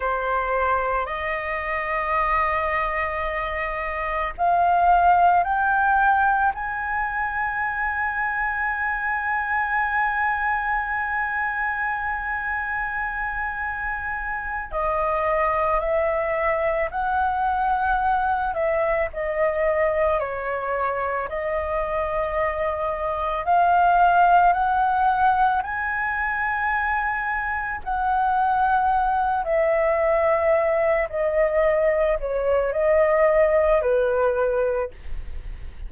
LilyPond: \new Staff \with { instrumentName = "flute" } { \time 4/4 \tempo 4 = 55 c''4 dis''2. | f''4 g''4 gis''2~ | gis''1~ | gis''4. dis''4 e''4 fis''8~ |
fis''4 e''8 dis''4 cis''4 dis''8~ | dis''4. f''4 fis''4 gis''8~ | gis''4. fis''4. e''4~ | e''8 dis''4 cis''8 dis''4 b'4 | }